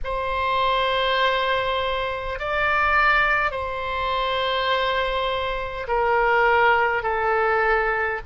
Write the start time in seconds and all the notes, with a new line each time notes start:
0.04 C5
2.39 D5
3.51 C5
5.87 A#4
7.02 A4